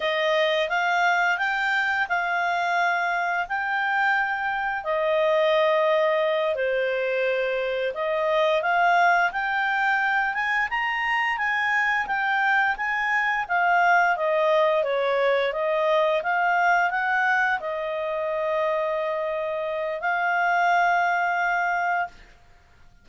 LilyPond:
\new Staff \with { instrumentName = "clarinet" } { \time 4/4 \tempo 4 = 87 dis''4 f''4 g''4 f''4~ | f''4 g''2 dis''4~ | dis''4. c''2 dis''8~ | dis''8 f''4 g''4. gis''8 ais''8~ |
ais''8 gis''4 g''4 gis''4 f''8~ | f''8 dis''4 cis''4 dis''4 f''8~ | f''8 fis''4 dis''2~ dis''8~ | dis''4 f''2. | }